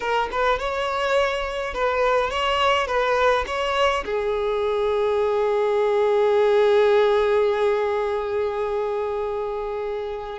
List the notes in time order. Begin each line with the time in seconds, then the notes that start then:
0.00 A#4
0.31 B4
0.59 C#5
1.74 B4
2.30 C#5
2.87 B4
3.46 C#5
4.05 G#4